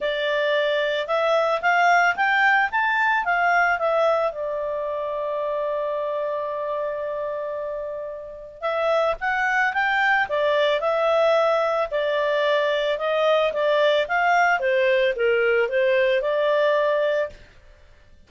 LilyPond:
\new Staff \with { instrumentName = "clarinet" } { \time 4/4 \tempo 4 = 111 d''2 e''4 f''4 | g''4 a''4 f''4 e''4 | d''1~ | d''1 |
e''4 fis''4 g''4 d''4 | e''2 d''2 | dis''4 d''4 f''4 c''4 | ais'4 c''4 d''2 | }